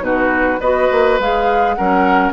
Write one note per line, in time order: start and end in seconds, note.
0.00 0.58 B2
0.00 0.58 D#4
0.00 0.60 F#4
0.00 0.61 B4
0.60 0.89 B3
0.60 1.20 F#4
0.60 1.76 B4
0.60 1.19 D#5
0.91 1.19 A#3
1.19 1.77 G#3
1.19 1.78 G#4
1.19 1.74 F5
1.74 2.33 F#3
1.74 2.33 C#4
1.74 2.33 A#4
1.74 2.32 F#5